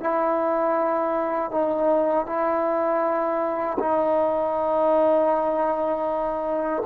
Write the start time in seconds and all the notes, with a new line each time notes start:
0.00 E4
1.51 D#4
2.26 E4
3.79 D#4